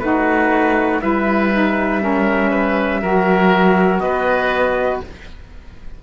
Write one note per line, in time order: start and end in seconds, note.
0.00 1.01 A3
0.00 1.02 D#4
0.00 1.02 F#4
0.00 1.00 B4
1.02 3.02 G3
1.02 1.52 E4
1.02 2.02 B4
1.02 4.00 E5
1.53 2.02 D#4
2.02 3.02 C#4
2.02 2.51 A#4
2.51 3.01 B4
3.02 4.01 F#3
3.02 5.04 F#4
3.02 4.02 A#4
4.00 5.01 B3
4.00 5.03 B4
4.00 5.00 D#5